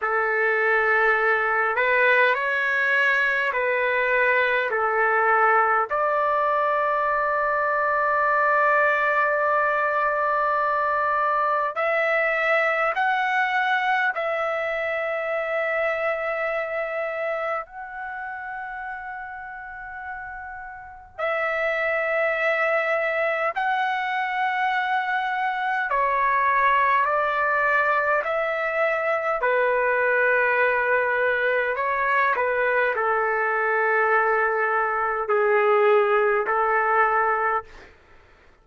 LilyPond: \new Staff \with { instrumentName = "trumpet" } { \time 4/4 \tempo 4 = 51 a'4. b'8 cis''4 b'4 | a'4 d''2.~ | d''2 e''4 fis''4 | e''2. fis''4~ |
fis''2 e''2 | fis''2 cis''4 d''4 | e''4 b'2 cis''8 b'8 | a'2 gis'4 a'4 | }